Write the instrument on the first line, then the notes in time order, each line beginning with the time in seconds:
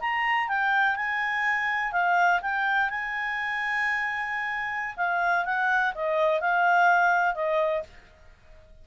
clarinet
0.00 A#5
0.48 G5
0.96 G#5
1.92 F5
2.42 G5
2.90 G#5
4.96 F5
5.45 F#5
5.94 D#5
6.40 F5
7.34 D#5